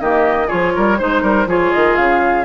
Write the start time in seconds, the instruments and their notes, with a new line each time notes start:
0.00 bassoon D#3, clarinet A#3, oboe G4, flute D#5
0.47 bassoon F3, clarinet F4, oboe G#4, flute C#5
0.76 bassoon G3, oboe A#4
0.98 bassoon G#3, clarinet D#4, oboe C5, flute C5
1.22 bassoon G3, oboe A#4
1.46 bassoon F3, clarinet F4, oboe G#4, flute C#5
1.72 bassoon D#3, flute D#5
1.95 bassoon C#3, flute F5